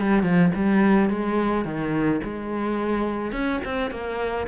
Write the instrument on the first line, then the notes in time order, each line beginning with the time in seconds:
cello
0.00 G3
0.23 F3
0.55 G3
1.10 G#3
1.65 D#3
2.24 G#3
3.32 C#4
3.65 C4
3.90 A#3